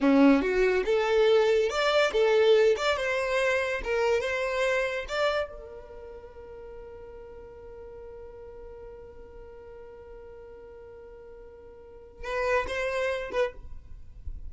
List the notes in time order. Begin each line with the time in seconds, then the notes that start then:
0.00 C#4
0.41 F#4
0.85 A4
1.69 D5
2.12 A4
2.77 D5
2.97 C5
3.84 A#4
4.20 C5
5.08 D5
5.49 A#4
12.24 B4
12.67 C5
13.31 B4